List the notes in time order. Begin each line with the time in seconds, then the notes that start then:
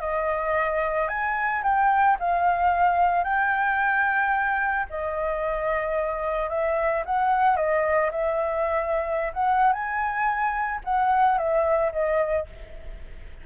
0.00 D#5
1.08 G#5
1.63 G5
2.19 F5
3.24 G5
4.89 D#5
6.49 E5
7.05 F#5
7.56 D#5
8.11 E5
9.33 F#5
9.72 G#5
10.84 F#5
11.38 E5
11.92 D#5